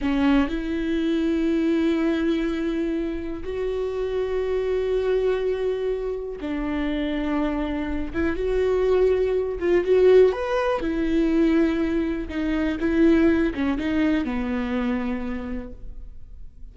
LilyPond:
\new Staff \with { instrumentName = "viola" } { \time 4/4 \tempo 4 = 122 cis'4 e'2.~ | e'2. fis'4~ | fis'1~ | fis'4 d'2.~ |
d'8 e'8 fis'2~ fis'8 f'8 | fis'4 b'4 e'2~ | e'4 dis'4 e'4. cis'8 | dis'4 b2. | }